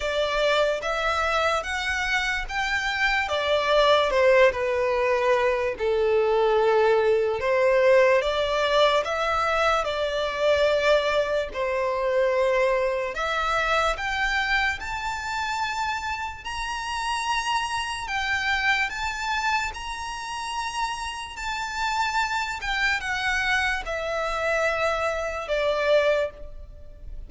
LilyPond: \new Staff \with { instrumentName = "violin" } { \time 4/4 \tempo 4 = 73 d''4 e''4 fis''4 g''4 | d''4 c''8 b'4. a'4~ | a'4 c''4 d''4 e''4 | d''2 c''2 |
e''4 g''4 a''2 | ais''2 g''4 a''4 | ais''2 a''4. g''8 | fis''4 e''2 d''4 | }